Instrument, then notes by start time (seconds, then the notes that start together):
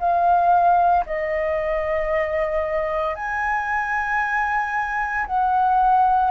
flute
0.00 F5
1.06 D#5
3.16 G#5
5.27 F#5